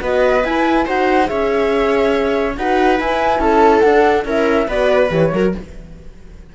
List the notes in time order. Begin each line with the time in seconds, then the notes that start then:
0.00 B3 F#4 B4 D#5
0.44 E4 G#5
0.85 D#4 F#4 C5 F#5
1.25 C#4 G#4 C#5 E5
2.56 D#4 F#4 B4 F#5
2.99 E4 G#5
3.39 C#4 A4 A5
3.80 D4 F#5
4.25 C#4 E4 A#4 E5
4.67 B3 F#4 B4 D5
5.10 E3 G4 C#5
5.32 F#3 F#4 A#4